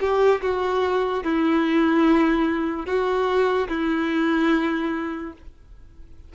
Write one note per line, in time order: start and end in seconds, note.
0.00 0.41 G4
0.41 1.23 F#4
1.23 2.85 E4
2.85 3.68 F#4
3.68 5.32 E4